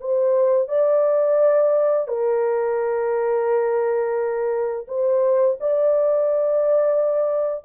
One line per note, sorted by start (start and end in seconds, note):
0.00 0.68 C5
0.68 2.07 D5
2.07 4.86 A#4
4.87 5.57 C5
5.60 7.65 D5